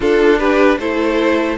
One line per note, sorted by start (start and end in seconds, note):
0.00 0.78 D4
0.00 0.81 D4
0.00 0.39 F4
0.00 0.38 A4
0.38 0.78 G4
0.38 0.78 B4
0.78 1.57 A3
0.78 1.57 E4
0.78 1.57 A4
0.78 1.57 C5